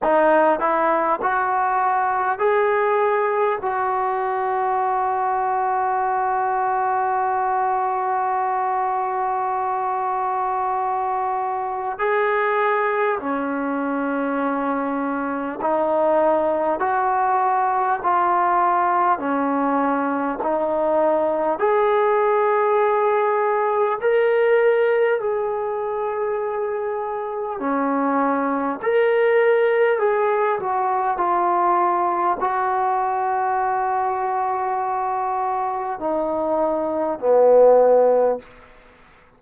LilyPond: \new Staff \with { instrumentName = "trombone" } { \time 4/4 \tempo 4 = 50 dis'8 e'8 fis'4 gis'4 fis'4~ | fis'1~ | fis'2 gis'4 cis'4~ | cis'4 dis'4 fis'4 f'4 |
cis'4 dis'4 gis'2 | ais'4 gis'2 cis'4 | ais'4 gis'8 fis'8 f'4 fis'4~ | fis'2 dis'4 b4 | }